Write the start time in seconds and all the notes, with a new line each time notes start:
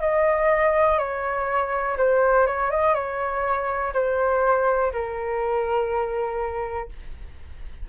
0.00 D#5
0.98 C#5
1.98 C5
2.46 C#5
2.70 D#5
2.94 C#5
3.93 C5
4.92 A#4